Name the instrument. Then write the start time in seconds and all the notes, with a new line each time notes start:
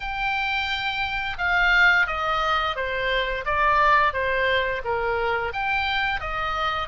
oboe
0.00 G5
1.38 F5
2.07 D#5
2.76 C5
3.45 D5
4.13 C5
4.84 A#4
5.53 G5
6.20 D#5